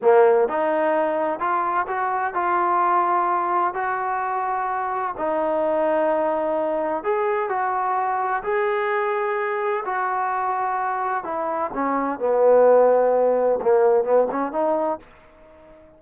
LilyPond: \new Staff \with { instrumentName = "trombone" } { \time 4/4 \tempo 4 = 128 ais4 dis'2 f'4 | fis'4 f'2. | fis'2. dis'4~ | dis'2. gis'4 |
fis'2 gis'2~ | gis'4 fis'2. | e'4 cis'4 b2~ | b4 ais4 b8 cis'8 dis'4 | }